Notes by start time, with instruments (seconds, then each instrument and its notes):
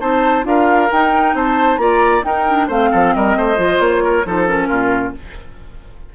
0.00 bassoon C4, clarinet D#4, oboe C5, flute A5
0.43 bassoon D4, clarinet F4, oboe A#4, flute F5
0.91 bassoon D#4, clarinet D#4, flute G5
1.34 bassoon C4, oboe C5, flute A5
1.78 bassoon A#3, clarinet F4, oboe D5, flute A#5
2.22 clarinet D#4, bassoon D#4, oboe A#4, flute G5
2.49 clarinet D4
2.67 bassoon A3, clarinet C4, oboe C5, flute F5
2.91 bassoon F3, oboe A4
3.14 bassoon G3, oboe A#4, flute D#5
3.36 bassoon A3, oboe C5
3.56 bassoon F3, clarinet F4
3.79 bassoon A#3, flute C#5
4.04 oboe A#4
4.26 bassoon F3, clarinet D#4, oboe A4, flute C5
4.47 clarinet C#4, flute A#4
4.68 bassoon A#2, oboe F4